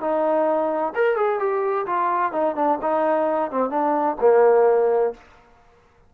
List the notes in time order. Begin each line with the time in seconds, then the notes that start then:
0.00 D#4
0.95 A#4
1.16 G#4
1.39 G4
1.86 F4
2.32 D#4
2.55 D4
2.81 D#4
3.51 C4
3.70 D4
4.20 A#3